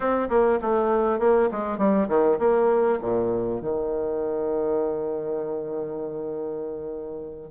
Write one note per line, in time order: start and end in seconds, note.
0.00 0.28 C4
0.29 0.59 A#3
0.61 1.19 A3
1.19 1.49 A#3
1.51 1.78 G#3
1.78 2.08 G3
2.08 2.38 D#3
2.38 2.98 A#3
3.01 3.61 A#2
3.61 7.50 D#3